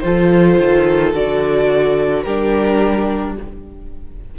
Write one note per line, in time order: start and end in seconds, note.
0.00 0.59 F3
0.00 1.13 F4
0.00 2.24 A4
0.00 1.11 C5
0.59 1.14 D#3
1.13 2.25 D3
1.13 2.25 F#4
1.13 2.23 D5
2.23 3.37 G3
2.23 3.38 D4
2.23 3.35 G4
2.23 3.34 A#4